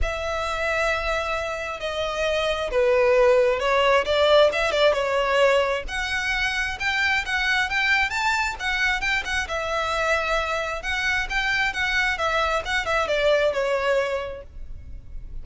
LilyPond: \new Staff \with { instrumentName = "violin" } { \time 4/4 \tempo 4 = 133 e''1 | dis''2 b'2 | cis''4 d''4 e''8 d''8 cis''4~ | cis''4 fis''2 g''4 |
fis''4 g''4 a''4 fis''4 | g''8 fis''8 e''2. | fis''4 g''4 fis''4 e''4 | fis''8 e''8 d''4 cis''2 | }